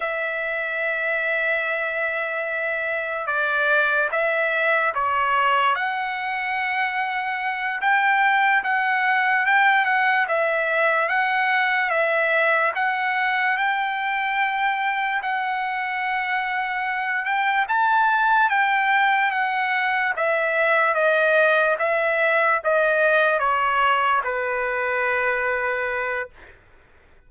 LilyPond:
\new Staff \with { instrumentName = "trumpet" } { \time 4/4 \tempo 4 = 73 e''1 | d''4 e''4 cis''4 fis''4~ | fis''4. g''4 fis''4 g''8 | fis''8 e''4 fis''4 e''4 fis''8~ |
fis''8 g''2 fis''4.~ | fis''4 g''8 a''4 g''4 fis''8~ | fis''8 e''4 dis''4 e''4 dis''8~ | dis''8 cis''4 b'2~ b'8 | }